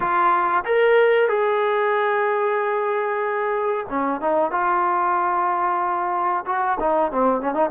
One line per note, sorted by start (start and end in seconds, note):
0.00 0.64 F4
0.65 1.28 A#4
1.28 3.86 G#4
3.89 4.21 C#4
4.21 4.51 D#4
4.51 6.44 F4
6.45 6.78 F#4
6.80 7.11 D#4
7.11 7.41 C4
7.41 7.54 C#4
7.54 7.70 D#4